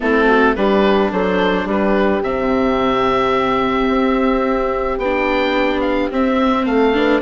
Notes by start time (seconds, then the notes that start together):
0.00 A3 C4 E4 A4
0.27 F#4
0.55 G3 D4 G4 B4
1.11 F#3 A4 C5
1.64 G3 G4 B4
2.22 C3 C4 E5
3.87 C4
4.97 B3 G5
5.04 D4
5.80 F5
6.11 C4 E5
6.65 A3 A4 F5
6.94 D4 B4